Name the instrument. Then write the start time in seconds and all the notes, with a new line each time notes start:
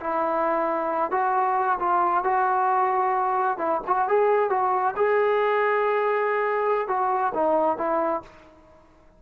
trombone
0.00 E4
1.11 F#4
1.79 F4
2.24 F#4
3.58 E4
3.87 F#4
4.08 G#4
4.49 F#4
4.96 G#4
6.88 F#4
7.34 D#4
7.77 E4